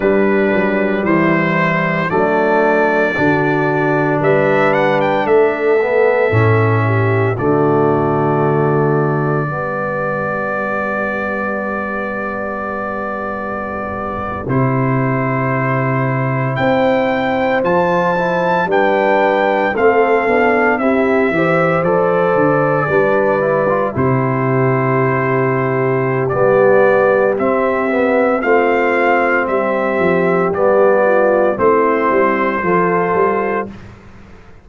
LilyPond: <<
  \new Staff \with { instrumentName = "trumpet" } { \time 4/4 \tempo 4 = 57 b'4 c''4 d''2 | e''8 fis''16 g''16 e''2 d''4~ | d''1~ | d''4.~ d''16 c''2 g''16~ |
g''8. a''4 g''4 f''4 e''16~ | e''8. d''2 c''4~ c''16~ | c''4 d''4 e''4 f''4 | e''4 d''4 c''2 | }
  \new Staff \with { instrumentName = "horn" } { \time 4/4 d'4 e'4 d'4 fis'4 | b'4 a'4. g'8 fis'4~ | fis'4 g'2.~ | g'2.~ g'8. c''16~ |
c''4.~ c''16 b'4 a'4 g'16~ | g'16 c''4. b'4 g'4~ g'16~ | g'2. f'4 | g'4. f'8 e'4 a'4 | }
  \new Staff \with { instrumentName = "trombone" } { \time 4/4 g2 a4 d'4~ | d'4. b8 cis'4 a4~ | a4 b2.~ | b4.~ b16 e'2~ e'16~ |
e'8. f'8 e'8 d'4 c'8 d'8 e'16~ | e'16 g'8 a'4 d'8 e'16 f'16 e'4~ e'16~ | e'4 b4 c'8 b8 c'4~ | c'4 b4 c'4 f'4 | }
  \new Staff \with { instrumentName = "tuba" } { \time 4/4 g8 fis8 e4 fis4 d4 | g4 a4 a,4 d4~ | d4 g2.~ | g4.~ g16 c2 c'16~ |
c'8. f4 g4 a8 b8 c'16~ | c'16 e8 f8 d8 g4 c4~ c16~ | c4 g4 c'4 a4 | g8 f8 g4 a8 g8 f8 g8 | }
>>